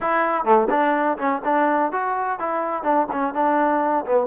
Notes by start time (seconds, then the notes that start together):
0.00 E4
0.44 A3
0.69 D4
1.18 C#4
1.44 D4
1.92 F#4
2.39 E4
2.83 D4
3.12 C#4
3.33 D4
4.05 B3